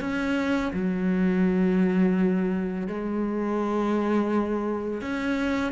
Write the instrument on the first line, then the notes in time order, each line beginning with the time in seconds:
cello
0.00 C#4
0.73 F#3
2.87 G#3
5.01 C#4